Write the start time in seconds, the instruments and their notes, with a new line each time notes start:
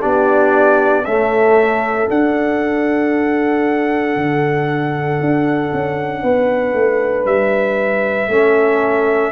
0.00 tuba B3, trombone D4, horn G4, trumpet D5
1.04 trombone A3, tuba C#4, horn A4, trumpet E5
2.08 trombone D4, tuba D4, trumpet F#5
4.16 tuba D3
5.20 tuba D4
5.73 tuba C#4
6.22 tuba B3, horn B4
6.73 tuba A3
7.25 tuba G3, trumpet E5
8.27 tuba A3, trombone C#4, horn A4